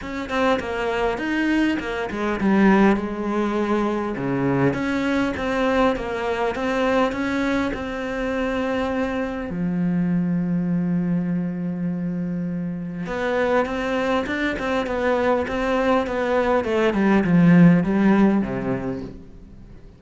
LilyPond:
\new Staff \with { instrumentName = "cello" } { \time 4/4 \tempo 4 = 101 cis'8 c'8 ais4 dis'4 ais8 gis8 | g4 gis2 cis4 | cis'4 c'4 ais4 c'4 | cis'4 c'2. |
f1~ | f2 b4 c'4 | d'8 c'8 b4 c'4 b4 | a8 g8 f4 g4 c4 | }